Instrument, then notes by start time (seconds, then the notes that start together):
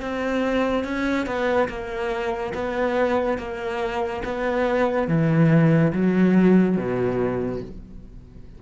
cello
0.00 C4
0.84 C#4
1.26 B3
1.68 A#3
2.54 B3
3.38 A#3
4.24 B3
5.07 E3
5.92 F#3
6.77 B2